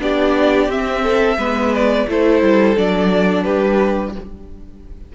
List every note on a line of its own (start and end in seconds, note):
0.00 0.68 B3
0.00 0.69 D4
0.00 1.03 G4
0.00 0.72 D5
0.68 1.37 C4
0.68 1.39 C4
0.68 1.75 E5
1.03 1.38 A4
1.38 2.07 G#3
1.38 2.08 B3
1.38 2.07 B4
1.75 2.09 D5
2.08 2.43 A3
2.08 2.77 E4
2.08 3.44 A4
2.08 2.78 C5
2.43 2.77 G3
2.77 3.47 F#3
2.77 4.15 D4
2.77 3.44 D5
3.44 4.16 G3
3.44 4.13 G4
3.44 4.13 B4